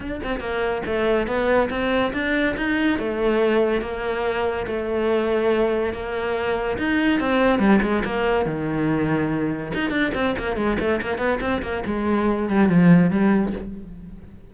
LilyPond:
\new Staff \with { instrumentName = "cello" } { \time 4/4 \tempo 4 = 142 d'8 c'8 ais4 a4 b4 | c'4 d'4 dis'4 a4~ | a4 ais2 a4~ | a2 ais2 |
dis'4 c'4 g8 gis8 ais4 | dis2. dis'8 d'8 | c'8 ais8 gis8 a8 ais8 b8 c'8 ais8 | gis4. g8 f4 g4 | }